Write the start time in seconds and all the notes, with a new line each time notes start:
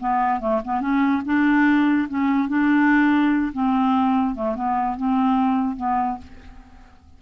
0.00 B3
0.41 A3
0.64 B3
0.81 C#4
1.25 D4
2.09 C#4
2.49 D4
3.53 C4
4.35 A3
4.56 B3
4.97 C4
5.77 B3